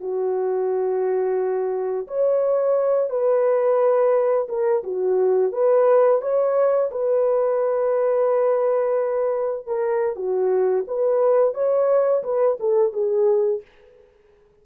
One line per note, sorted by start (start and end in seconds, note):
0.00 2.07 F#4
2.07 3.09 C#5
3.09 4.47 B4
4.48 4.83 A#4
4.83 5.52 F#4
5.52 6.21 B4
6.21 6.90 C#5
6.91 9.66 B4
9.66 10.16 A#4
10.16 10.85 F#4
10.87 11.54 B4
11.54 12.23 C#5
12.23 12.58 B4
12.60 12.92 A4
12.92 13.61 G#4